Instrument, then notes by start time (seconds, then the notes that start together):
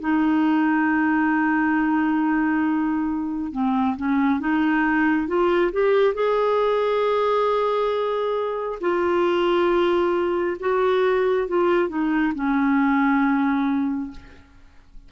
clarinet
0.00 D#4
3.52 C4
3.96 C#4
4.40 D#4
5.27 F4
5.72 G4
6.14 G#4
8.80 F4
10.59 F#4
11.47 F4
11.88 D#4
12.34 C#4